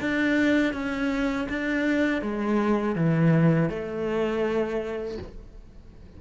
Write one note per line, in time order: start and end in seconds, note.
0.00 0.74 D4
0.74 1.47 C#4
1.49 2.22 D4
2.22 2.95 G#3
2.95 3.69 E3
3.70 5.18 A3